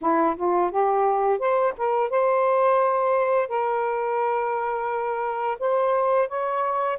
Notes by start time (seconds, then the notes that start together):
0.01 E4
0.36 F4
0.71 G4
1.38 C5
1.77 A#4
2.10 C5
3.48 A#4
5.59 C5
6.28 C#5